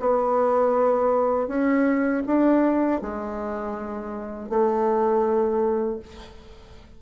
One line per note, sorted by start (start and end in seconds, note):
0.00 1.48 B3
1.48 2.23 C#4
2.27 3.02 D4
3.02 4.50 G#3
4.50 6.00 A3